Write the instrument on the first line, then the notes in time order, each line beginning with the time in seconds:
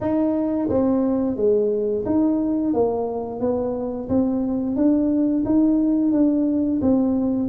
tuba
0.00 D#4
0.69 C4
1.36 G#3
2.05 D#4
2.73 A#3
3.40 B3
4.08 C4
4.75 D4
5.45 D#4
6.12 D4
6.81 C4